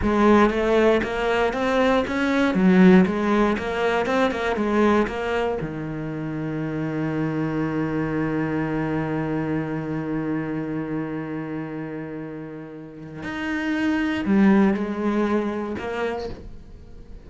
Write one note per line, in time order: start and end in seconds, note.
0.02 0.50 G#3
0.50 1.01 A3
1.03 1.53 A#3
1.53 2.04 C4
2.07 2.54 C#4
2.54 3.05 F#3
3.06 3.57 G#3
3.58 4.06 A#3
4.06 4.31 C4
4.31 4.56 A#3
4.56 5.07 G#3
5.07 5.58 A#3
5.61 13.23 D#3
13.23 14.24 D#4
14.25 14.73 G3
14.73 15.75 G#3
15.78 16.29 A#3